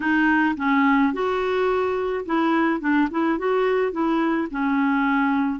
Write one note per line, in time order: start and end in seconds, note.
0.00 0.55 D#4
0.57 1.13 C#4
1.13 2.25 F#4
2.25 2.80 E4
2.80 3.08 D4
3.10 3.38 E4
3.38 3.92 F#4
3.92 4.48 E4
4.50 5.59 C#4